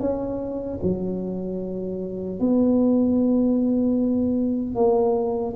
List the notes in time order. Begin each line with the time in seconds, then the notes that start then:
0.00 C#4
0.83 F#3
2.39 B3
4.74 A#3